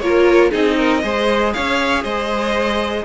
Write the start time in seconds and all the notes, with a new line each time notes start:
0.00 A#3 F4 A#4 C#5
0.51 C4 D#4 G#4 D#5
0.77 A#4
1.02 G#3 G#4 C5
1.53 C#4 C#5 F5
2.03 G#3 C5 D#5